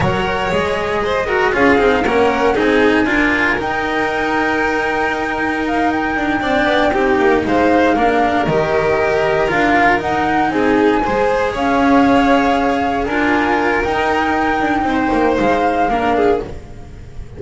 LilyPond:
<<
  \new Staff \with { instrumentName = "flute" } { \time 4/4 \tempo 4 = 117 fis''4 dis''2 f''4 | fis''4 gis''2 g''4~ | g''2. f''8 g''8~ | g''2~ g''8 f''4.~ |
f''8 dis''2 f''4 fis''8~ | fis''8 gis''2 f''4.~ | f''4. gis''4. g''4~ | g''2 f''2 | }
  \new Staff \with { instrumentName = "violin" } { \time 4/4 cis''2 c''8 ais'8 gis'4 | ais'4 gis'4 ais'2~ | ais'1~ | ais'8 d''4 g'4 c''4 ais'8~ |
ais'1~ | ais'8 gis'4 c''4 cis''4.~ | cis''4. ais'2~ ais'8~ | ais'4 c''2 ais'8 gis'8 | }
  \new Staff \with { instrumentName = "cello" } { \time 4/4 ais'4 gis'4. fis'8 f'8 dis'8 | cis'4 dis'4 f'4 dis'4~ | dis'1~ | dis'8 d'4 dis'2 d'8~ |
d'8 g'2 f'4 dis'8~ | dis'4. gis'2~ gis'8~ | gis'4. f'4. dis'4~ | dis'2. d'4 | }
  \new Staff \with { instrumentName = "double bass" } { \time 4/4 fis4 gis2 cis'8 c'8 | ais4 c'4 d'4 dis'4~ | dis'1 | d'8 c'8 b8 c'8 ais8 gis4 ais8~ |
ais8 dis2 d'4 dis'8~ | dis'8 c'4 gis4 cis'4.~ | cis'4. d'4. dis'4~ | dis'8 d'8 c'8 ais8 gis4 ais4 | }
>>